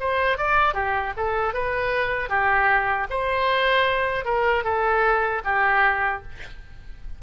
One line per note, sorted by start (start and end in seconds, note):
0.00 0.38 C5
0.38 0.74 D5
0.74 1.13 G4
1.17 1.54 A4
1.54 2.29 B4
2.29 3.07 G4
3.10 4.25 C5
4.25 4.64 A#4
4.64 5.42 A4
5.44 6.22 G4